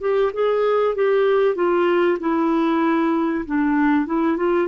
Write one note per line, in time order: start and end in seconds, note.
0.00 0.31 G4
0.33 0.95 G#4
0.95 1.55 G4
1.55 2.18 F4
2.20 3.45 E4
3.45 4.06 D4
4.06 4.36 E4
4.36 4.67 F4